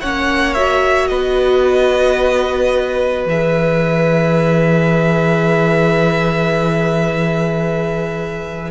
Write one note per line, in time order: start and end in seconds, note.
0.00 1.10 A#3
0.00 0.56 C#4
0.00 1.09 C#5
0.00 0.54 F#5
0.54 3.28 F#4
0.54 1.07 E5
1.07 3.26 B3
1.07 8.70 B4
1.07 3.25 D#5
3.26 8.70 E3
3.26 8.70 G#4
3.26 8.70 E5